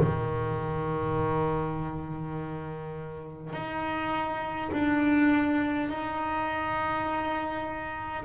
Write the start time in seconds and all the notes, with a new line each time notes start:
0.00 D#3
3.53 D#4
4.72 D4
5.89 D#4